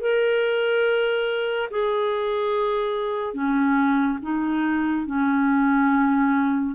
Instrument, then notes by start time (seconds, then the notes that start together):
clarinet
0.00 A#4
1.70 G#4
3.33 C#4
4.22 D#4
5.06 C#4